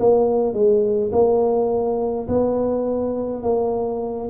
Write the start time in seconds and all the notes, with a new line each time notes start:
0.00 A#3
0.54 G#3
1.13 A#3
2.29 B3
3.44 A#3